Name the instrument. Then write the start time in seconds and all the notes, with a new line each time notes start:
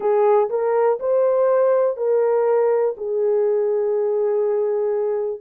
horn
0.00 G#4
0.49 A#4
0.99 C5
1.96 A#4
2.97 G#4